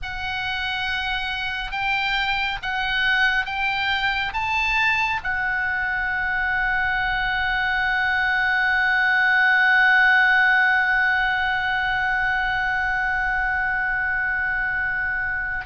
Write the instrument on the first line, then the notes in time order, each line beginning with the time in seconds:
oboe
0.02 F#5
1.71 G5
2.62 F#5
3.45 G5
4.33 A5
5.23 F#5